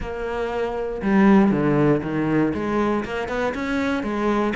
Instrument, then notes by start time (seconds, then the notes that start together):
cello
0.00 A#3
1.02 G3
1.51 D3
2.02 D#3
2.54 G#3
3.04 A#3
3.28 B3
3.54 C#4
4.03 G#3